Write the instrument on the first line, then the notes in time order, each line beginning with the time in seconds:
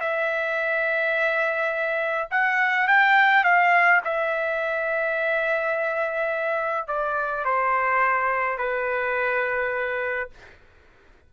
trumpet
0.00 E5
2.31 F#5
2.88 G5
3.44 F5
4.04 E5
6.88 D5
7.45 C5
8.58 B4